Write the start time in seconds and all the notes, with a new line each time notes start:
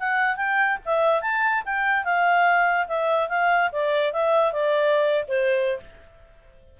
0.00 F#5
0.37 G5
0.86 E5
1.22 A5
1.66 G5
2.05 F5
2.88 E5
3.29 F5
3.73 D5
4.13 E5
4.53 D5
5.28 C5